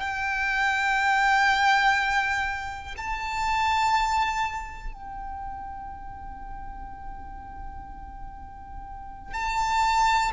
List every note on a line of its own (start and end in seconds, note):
0.00 2.95 G5
2.97 4.93 A5
4.93 9.33 G5
9.33 10.31 A5